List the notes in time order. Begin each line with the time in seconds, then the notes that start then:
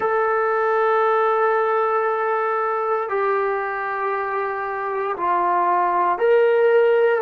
0.00 A4
3.09 G4
5.16 F4
6.18 A#4